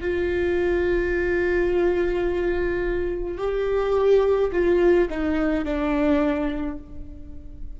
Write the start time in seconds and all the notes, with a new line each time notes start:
0.00 F4
3.38 G4
4.52 F4
5.09 D#4
5.64 D4